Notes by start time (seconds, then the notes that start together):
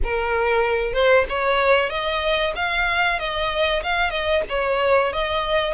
0.03 A#4
0.93 C5
1.29 C#5
1.89 D#5
2.55 F5
3.19 D#5
3.83 F5
4.10 D#5
4.49 C#5
5.12 D#5